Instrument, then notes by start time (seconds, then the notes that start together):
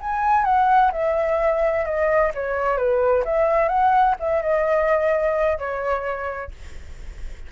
flute
0.00 G#5
0.45 F#5
0.92 E5
1.85 D#5
2.34 C#5
2.77 B4
3.25 E5
3.68 F#5
4.20 E5
4.42 D#5
5.58 C#5